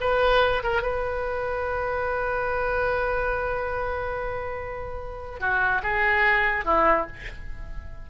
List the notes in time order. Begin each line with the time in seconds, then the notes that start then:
0.00 B4
0.63 A#4
0.82 B4
5.40 F#4
5.83 G#4
6.65 E4